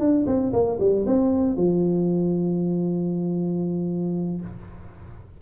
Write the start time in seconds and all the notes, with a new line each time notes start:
0.00 D4
0.27 C4
0.53 A#3
0.80 G3
1.07 C4
1.57 F3